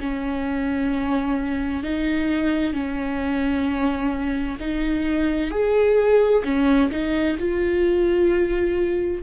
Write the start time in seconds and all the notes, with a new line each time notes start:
0.00 C#4
1.83 D#4
2.73 C#4
4.59 D#4
5.50 G#4
6.44 C#4
6.91 D#4
7.38 F4